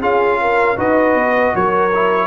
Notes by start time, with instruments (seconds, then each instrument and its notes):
0.00 tuba C#4, trombone F4, horn G#4, trumpet F5
0.41 horn A#4
0.77 tuba D#4, trombone F#4, horn B4, trumpet D#5
1.15 tuba B3
1.55 tuba F#3, horn A#4, trumpet C#5
1.94 trombone E4